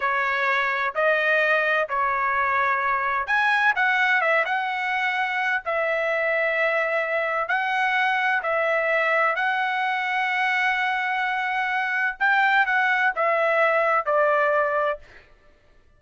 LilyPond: \new Staff \with { instrumentName = "trumpet" } { \time 4/4 \tempo 4 = 128 cis''2 dis''2 | cis''2. gis''4 | fis''4 e''8 fis''2~ fis''8 | e''1 |
fis''2 e''2 | fis''1~ | fis''2 g''4 fis''4 | e''2 d''2 | }